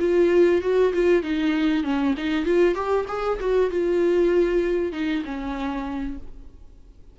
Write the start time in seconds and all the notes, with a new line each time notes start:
0.00 F4
0.62 F#4
0.94 F4
1.23 D#4
1.84 C#4
2.18 D#4
2.46 F4
2.75 G4
3.09 G#4
3.40 F#4
3.71 F4
4.93 D#4
5.25 C#4